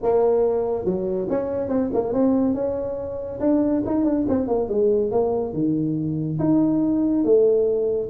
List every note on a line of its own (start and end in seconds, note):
0.02 0.85 A#3
0.85 1.27 F#3
1.29 1.68 C#4
1.68 1.90 C4
1.93 2.13 A#3
2.13 2.54 C4
2.54 3.39 C#4
3.40 3.82 D4
3.86 4.04 D#4
4.04 4.25 D4
4.28 4.47 C4
4.47 4.68 A#3
4.68 5.11 G#3
5.11 5.53 A#3
5.53 6.38 D#3
6.39 7.24 D#4
7.24 8.09 A3